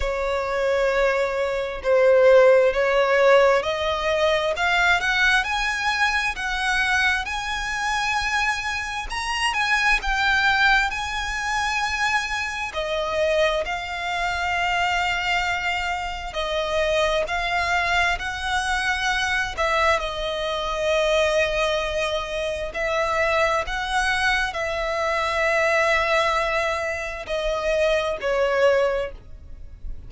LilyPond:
\new Staff \with { instrumentName = "violin" } { \time 4/4 \tempo 4 = 66 cis''2 c''4 cis''4 | dis''4 f''8 fis''8 gis''4 fis''4 | gis''2 ais''8 gis''8 g''4 | gis''2 dis''4 f''4~ |
f''2 dis''4 f''4 | fis''4. e''8 dis''2~ | dis''4 e''4 fis''4 e''4~ | e''2 dis''4 cis''4 | }